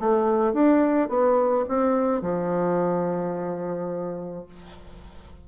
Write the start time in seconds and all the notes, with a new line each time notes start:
0.00 A3
0.54 D4
1.09 B3
1.68 C4
2.22 F3